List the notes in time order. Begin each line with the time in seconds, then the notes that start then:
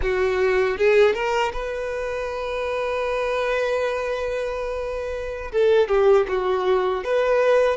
0.02 F#4
0.77 G#4
1.14 A#4
1.53 B4
5.51 A4
5.88 G4
6.28 F#4
7.04 B4